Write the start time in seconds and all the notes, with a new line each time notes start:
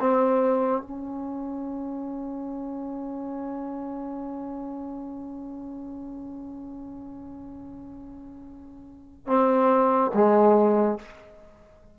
0.00 C4
0.83 C#4
9.27 C4
10.14 G#3